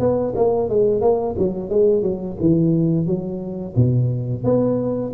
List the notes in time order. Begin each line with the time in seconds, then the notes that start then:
0.00 B3
0.36 A#3
0.70 G#3
1.02 A#3
1.39 F#3
1.70 G#3
2.03 F#3
2.41 E3
3.07 F#3
3.76 B2
4.45 B3